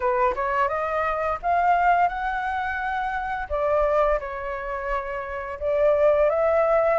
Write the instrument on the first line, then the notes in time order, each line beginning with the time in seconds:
flute
0.00 B4
0.35 C#5
0.68 D#5
1.42 F5
2.08 F#5
3.49 D5
4.19 C#5
5.59 D5
6.29 E5